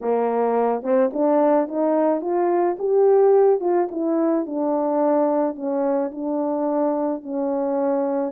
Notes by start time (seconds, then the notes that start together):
0.01 A#3
0.82 C4
1.13 D4
1.67 D#4
2.21 F4
2.79 G4
3.60 F4
3.91 E4
4.45 D4
5.55 C#4
6.11 D4
7.22 C#4